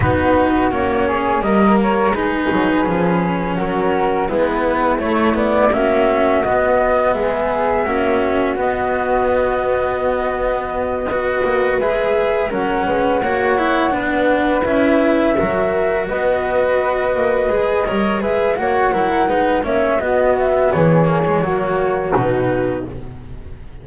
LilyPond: <<
  \new Staff \with { instrumentName = "flute" } { \time 4/4 \tempo 4 = 84 b'4 cis''4 dis''8 cis''8 b'4~ | b'4 ais'4 b'4 cis''8 d''8 | e''4 dis''4 e''2 | dis''1~ |
dis''8 e''4 fis''2~ fis''8~ | fis''8 e''2 dis''4.~ | dis''4. e''8 fis''4. e''8 | dis''8 e''8 cis''2 b'4 | }
  \new Staff \with { instrumentName = "flute" } { \time 4/4 fis'4. gis'8 ais'4 gis'4~ | gis'4 fis'4 e'2 | fis'2 gis'4 fis'4~ | fis'2.~ fis'8 b'8~ |
b'4. ais'8 b'8 cis''4 b'8~ | b'4. ais'4 b'4.~ | b'4 cis''8 b'8 cis''8 ais'8 b'8 cis''8 | fis'4 gis'4 fis'2 | }
  \new Staff \with { instrumentName = "cello" } { \time 4/4 dis'4 cis'4 ais4 dis'4 | cis'2 b4 a8 b8 | cis'4 b2 cis'4 | b2.~ b8 fis'8~ |
fis'8 gis'4 cis'4 fis'8 e'8 d'8~ | d'8 e'4 fis'2~ fis'8~ | fis'8 gis'8 ais'8 gis'8 fis'8 e'8 dis'8 cis'8 | b4. ais16 gis16 ais4 dis'4 | }
  \new Staff \with { instrumentName = "double bass" } { \time 4/4 b4 ais4 g4 gis8 fis8 | f4 fis4 gis4 a4 | ais4 b4 gis4 ais4 | b1 |
ais8 gis4 fis8 gis8 ais4 b8~ | b8 cis'4 fis4 b4. | ais8 gis8 g8 gis8 ais8 fis8 gis8 ais8 | b4 e4 fis4 b,4 | }
>>